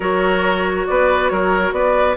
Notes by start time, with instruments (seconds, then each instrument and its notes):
0.00 bassoon F#3, clarinet F#4, oboe A#4, flute C#5
0.87 bassoon B3, oboe B4, flute D5
1.28 bassoon F#3, oboe A#4, flute C#5
1.71 bassoon B3, oboe B4, flute D5